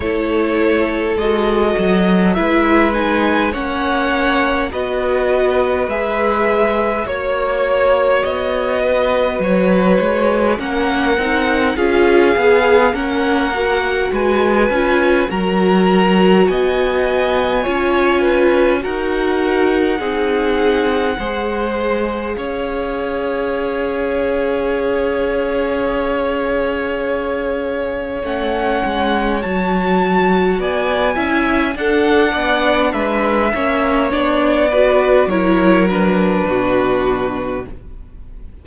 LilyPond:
<<
  \new Staff \with { instrumentName = "violin" } { \time 4/4 \tempo 4 = 51 cis''4 dis''4 e''8 gis''8 fis''4 | dis''4 e''4 cis''4 dis''4 | cis''4 fis''4 f''4 fis''4 | gis''4 ais''4 gis''2 |
fis''2. f''4~ | f''1 | fis''4 a''4 gis''4 fis''4 | e''4 d''4 cis''8 b'4. | }
  \new Staff \with { instrumentName = "violin" } { \time 4/4 a'2 b'4 cis''4 | b'2 cis''4. b'8~ | b'4 ais'4 gis'4 ais'4 | b'4 ais'4 dis''4 cis''8 b'8 |
ais'4 gis'4 c''4 cis''4~ | cis''1~ | cis''2 d''8 e''8 a'8 d''8 | b'8 cis''4 b'8 ais'4 fis'4 | }
  \new Staff \with { instrumentName = "viola" } { \time 4/4 e'4 fis'4 e'8 dis'8 cis'4 | fis'4 gis'4 fis'2~ | fis'4 cis'8 dis'8 f'8 gis'8 cis'8 fis'8~ | fis'8 f'8 fis'2 f'4 |
fis'4 dis'4 gis'2~ | gis'1 | cis'4 fis'4. e'8 d'4~ | d'8 cis'8 d'8 fis'8 e'8 d'4. | }
  \new Staff \with { instrumentName = "cello" } { \time 4/4 a4 gis8 fis8 gis4 ais4 | b4 gis4 ais4 b4 | fis8 gis8 ais8 c'8 cis'8 b8 ais4 | gis8 cis'8 fis4 b4 cis'4 |
dis'4 c'4 gis4 cis'4~ | cis'1 | a8 gis8 fis4 b8 cis'8 d'8 b8 | gis8 ais8 b4 fis4 b,4 | }
>>